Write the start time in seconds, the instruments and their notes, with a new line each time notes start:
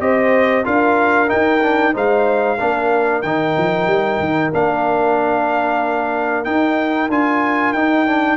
0.00 tuba C4, trombone G4, horn C5, trumpet D#5
0.65 tuba D4, trombone F4, horn A#4, trumpet F5
1.28 trombone D#4, tuba D#4, trumpet G5
1.62 trombone D4
1.94 tuba G#3, trombone D#4, horn C5, trumpet F5
2.58 tuba A#3, trombone D4, horn A#4
3.22 tuba D#3, trombone D#4, trumpet G5
3.58 tuba F3
3.87 tuba G3
4.20 tuba D#3
4.53 tuba A#3, trombone D4, trumpet F5
6.45 trombone D#4, tuba D#4, trumpet G5
7.10 tuba D4, trombone F4, trumpet G#5
7.73 tuba D#4, trombone D#4, trumpet G5
8.07 trombone D4